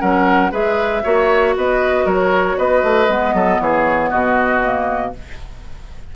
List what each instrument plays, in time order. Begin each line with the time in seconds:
0.00 bassoon F#3, clarinet C#4, oboe A#4, flute F#5
0.52 bassoon G#3, clarinet G#4, oboe B4, flute E5
1.04 bassoon A#3, clarinet F#4, oboe C#5
1.57 bassoon B3, oboe B4, flute D#5
2.05 bassoon F#3, oboe A#4, flute C#5
2.59 bassoon B3, oboe B4, flute D#5
2.83 bassoon A3
3.08 bassoon G#3, clarinet B3
3.34 bassoon F#3, oboe A4
3.60 bassoon E3, oboe G#4, flute C#5
4.10 bassoon B2, oboe F#4, flute D#5
4.63 clarinet A#3